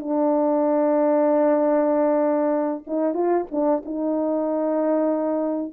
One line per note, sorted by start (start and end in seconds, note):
0.00 2.84 D4
2.87 3.14 D#4
3.14 3.46 F4
3.51 3.83 D4
3.86 5.73 D#4